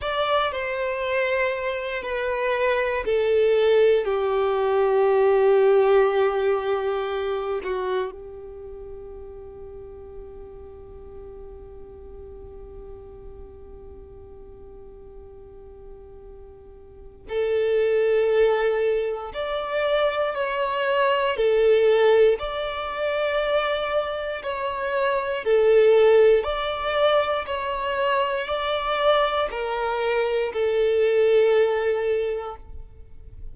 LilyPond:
\new Staff \with { instrumentName = "violin" } { \time 4/4 \tempo 4 = 59 d''8 c''4. b'4 a'4 | g'2.~ g'8 fis'8 | g'1~ | g'1~ |
g'4 a'2 d''4 | cis''4 a'4 d''2 | cis''4 a'4 d''4 cis''4 | d''4 ais'4 a'2 | }